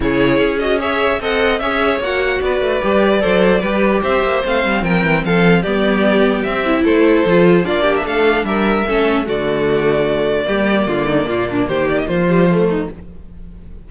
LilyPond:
<<
  \new Staff \with { instrumentName = "violin" } { \time 4/4 \tempo 4 = 149 cis''4. dis''8 e''4 fis''4 | e''4 fis''4 d''2~ | d''2 e''4 f''4 | g''4 f''4 d''2 |
e''4 c''2 d''8. e''16 | f''4 e''2 d''4~ | d''1~ | d''4 c''8 d''16 dis''16 c''2 | }
  \new Staff \with { instrumentName = "violin" } { \time 4/4 gis'2 cis''4 dis''4 | cis''2 b'2 | c''4 b'4 c''2 | ais'4 a'4 g'2~ |
g'4 a'2 f'8 g'8 | a'4 ais'4 a'4 fis'4~ | fis'2 g'4 f'8 dis'8 | f'8 d'8 g'4 f'4. dis'8 | }
  \new Staff \with { instrumentName = "viola" } { \time 4/4 e'4. fis'8 gis'4 a'4 | gis'4 fis'2 g'4 | a'4 g'2 c'4~ | c'2 b2 |
c'8 e'4. f'4 d'4~ | d'2 cis'4 a4~ | a2 ais2~ | ais2~ ais8 g8 a4 | }
  \new Staff \with { instrumentName = "cello" } { \time 4/4 cis4 cis'2 c'4 | cis'4 ais4 b8 a8 g4 | fis4 g4 c'8 ais8 a8 g8 | f8 e8 f4 g2 |
c'4 a4 f4 ais4 | a4 g4 a4 d4~ | d2 g4 d4 | ais,4 dis4 f2 | }
>>